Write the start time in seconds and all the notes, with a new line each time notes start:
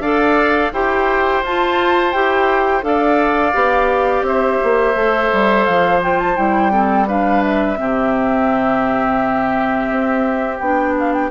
0.00 D4 A4 D5 F5
0.73 E4 G4 C5 G5
1.43 F4 A5
2.12 E4 G4 G5
2.82 D4 A4 D5 F5
3.54 B3 G4
4.22 C4 C5 E5
4.64 A#3
4.95 A3 A4
5.33 G3
5.65 F3 F5
6.01 F4 G5
6.20 A5
6.36 G3 E4 G5
6.72 C4 A4
7.08 D4 B4 F5
7.43 E5
7.77 C3 C4 G4
9.91 C4
10.59 B3 D4 G5
10.99 F5
11.13 G5